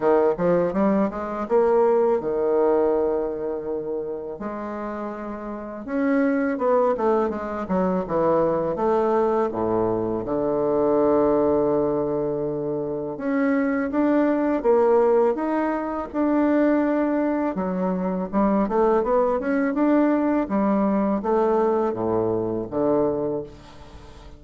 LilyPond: \new Staff \with { instrumentName = "bassoon" } { \time 4/4 \tempo 4 = 82 dis8 f8 g8 gis8 ais4 dis4~ | dis2 gis2 | cis'4 b8 a8 gis8 fis8 e4 | a4 a,4 d2~ |
d2 cis'4 d'4 | ais4 dis'4 d'2 | fis4 g8 a8 b8 cis'8 d'4 | g4 a4 a,4 d4 | }